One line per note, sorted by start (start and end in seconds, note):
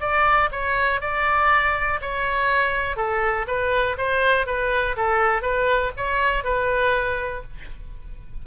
0.00 0.50 D5
0.52 1.01 C#5
1.01 2.00 D5
2.01 2.97 C#5
2.97 3.46 A4
3.48 3.97 B4
3.98 4.47 C5
4.47 4.96 B4
4.96 5.42 A4
5.42 5.92 B4
5.97 6.44 C#5
6.44 7.44 B4